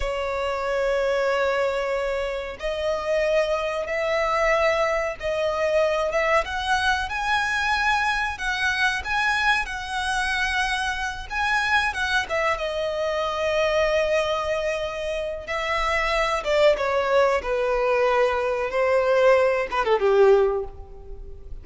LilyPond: \new Staff \with { instrumentName = "violin" } { \time 4/4 \tempo 4 = 93 cis''1 | dis''2 e''2 | dis''4. e''8 fis''4 gis''4~ | gis''4 fis''4 gis''4 fis''4~ |
fis''4. gis''4 fis''8 e''8 dis''8~ | dis''1 | e''4. d''8 cis''4 b'4~ | b'4 c''4. b'16 a'16 g'4 | }